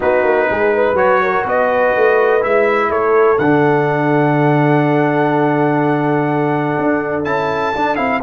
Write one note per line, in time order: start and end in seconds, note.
0.00 0.23 B3
0.00 0.96 D#4
0.00 0.48 F#4
0.00 0.96 B4
0.23 0.47 A#3
0.49 0.92 G#3
0.49 0.73 G#4
0.73 1.22 B4
0.92 1.41 F#3
0.92 2.41 F#4
0.92 1.45 C#5
1.23 1.44 A#4
1.44 1.93 B3
1.44 2.89 B4
1.44 2.43 D#5
1.96 2.44 A3
2.41 2.89 G#3
2.41 3.37 E4
2.41 2.91 E5
2.89 3.38 A3
2.89 8.22 A4
2.89 3.38 C#5
3.38 6.77 D3
3.38 7.24 D4
3.38 7.24 F#5
6.77 7.26 D4
7.24 7.74 C#4
7.24 7.73 E4
7.24 7.95 A5
7.75 7.97 D4
7.75 7.96 D4
7.95 8.21 C4
7.95 8.20 E4
7.95 8.20 F5